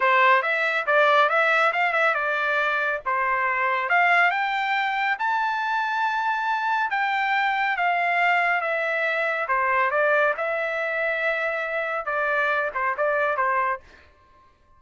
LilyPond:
\new Staff \with { instrumentName = "trumpet" } { \time 4/4 \tempo 4 = 139 c''4 e''4 d''4 e''4 | f''8 e''8 d''2 c''4~ | c''4 f''4 g''2 | a''1 |
g''2 f''2 | e''2 c''4 d''4 | e''1 | d''4. c''8 d''4 c''4 | }